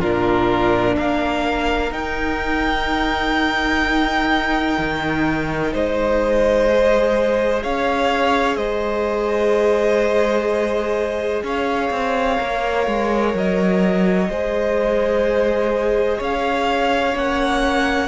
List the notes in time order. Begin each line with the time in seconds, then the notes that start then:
0.00 A#2 D4 F4 A#4
0.97 A#3 A#4 F5
1.92 D#4 G5
4.78 D#3
5.73 G#3 C5 D#5
6.70 G#4
7.63 C#4 C#5 F5
8.57 G#3 C5 D#5
11.43 C#4 C#5 F5
11.91 C4
12.38 A#3 A#4
12.87 G#3
13.34 F#3 D#5
14.30 G#3 G#4 C5
16.18 C#4 C#5 F5
17.14 A#3 C#4 F#5